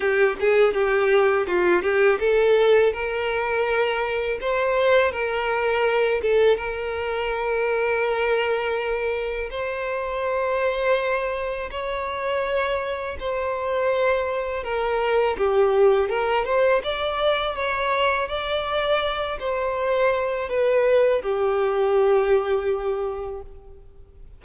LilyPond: \new Staff \with { instrumentName = "violin" } { \time 4/4 \tempo 4 = 82 g'8 gis'8 g'4 f'8 g'8 a'4 | ais'2 c''4 ais'4~ | ais'8 a'8 ais'2.~ | ais'4 c''2. |
cis''2 c''2 | ais'4 g'4 ais'8 c''8 d''4 | cis''4 d''4. c''4. | b'4 g'2. | }